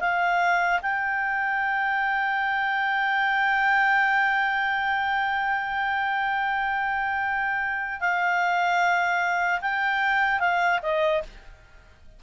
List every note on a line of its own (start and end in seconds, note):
0.00 0.80 F5
0.82 8.00 G5
8.00 9.60 F5
9.61 10.40 G5
10.40 10.80 F5
10.82 11.22 D#5